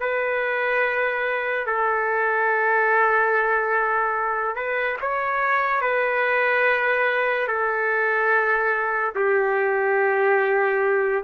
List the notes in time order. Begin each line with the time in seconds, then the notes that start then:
0.00 B4
1.66 A4
4.55 B4
5.01 C#5
5.81 B4
7.47 A4
9.15 G4